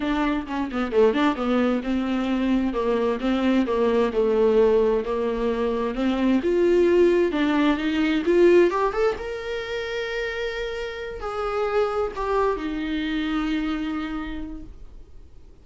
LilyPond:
\new Staff \with { instrumentName = "viola" } { \time 4/4 \tempo 4 = 131 d'4 cis'8 b8 a8 d'8 b4 | c'2 ais4 c'4 | ais4 a2 ais4~ | ais4 c'4 f'2 |
d'4 dis'4 f'4 g'8 a'8 | ais'1~ | ais'8 gis'2 g'4 dis'8~ | dis'1 | }